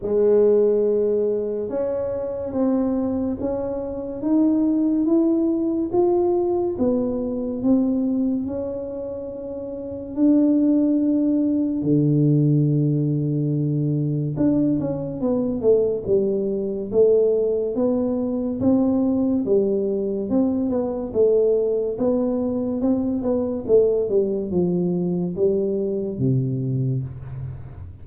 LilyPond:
\new Staff \with { instrumentName = "tuba" } { \time 4/4 \tempo 4 = 71 gis2 cis'4 c'4 | cis'4 dis'4 e'4 f'4 | b4 c'4 cis'2 | d'2 d2~ |
d4 d'8 cis'8 b8 a8 g4 | a4 b4 c'4 g4 | c'8 b8 a4 b4 c'8 b8 | a8 g8 f4 g4 c4 | }